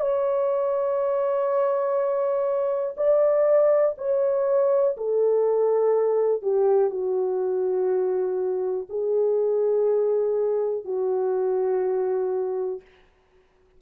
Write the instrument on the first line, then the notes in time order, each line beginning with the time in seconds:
horn
0.00 C#5
2.97 D5
3.98 C#5
4.97 A4
6.42 G4
6.90 F#4
8.90 G#4
10.84 F#4